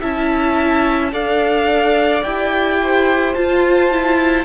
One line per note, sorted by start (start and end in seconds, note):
0.00 1.13 C#4
0.00 1.11 E4
0.00 1.11 E5
0.00 1.14 A5
1.11 2.24 D4
1.11 2.22 A4
1.11 2.79 D5
1.11 2.23 F5
2.23 3.35 E4
2.23 3.36 G4
2.23 3.34 G5
2.83 4.45 C5
3.34 3.91 F4
3.34 4.45 F4
3.34 4.45 A5
3.91 4.45 E4